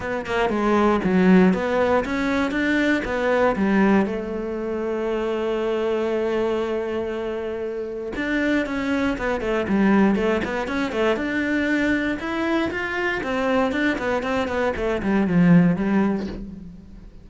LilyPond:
\new Staff \with { instrumentName = "cello" } { \time 4/4 \tempo 4 = 118 b8 ais8 gis4 fis4 b4 | cis'4 d'4 b4 g4 | a1~ | a1 |
d'4 cis'4 b8 a8 g4 | a8 b8 cis'8 a8 d'2 | e'4 f'4 c'4 d'8 b8 | c'8 b8 a8 g8 f4 g4 | }